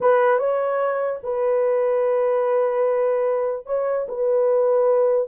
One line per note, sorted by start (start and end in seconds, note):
0.00 0.38 B4
0.38 1.19 C#5
1.23 3.66 B4
3.66 4.06 C#5
4.08 5.28 B4